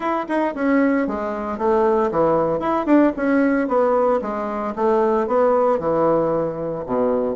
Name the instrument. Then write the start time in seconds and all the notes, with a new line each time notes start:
bassoon
0.00 E4
0.28 D#4
0.54 C#4
1.07 G#3
1.58 A3
2.11 E3
2.59 E4
2.85 D4
3.16 C#4
3.67 B3
4.21 G#3
4.75 A3
5.27 B3
5.79 E3
6.85 B2